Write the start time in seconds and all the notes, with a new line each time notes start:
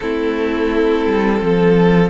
0.00 A3 C4 E4 A4
1.06 G3
1.41 F3 A4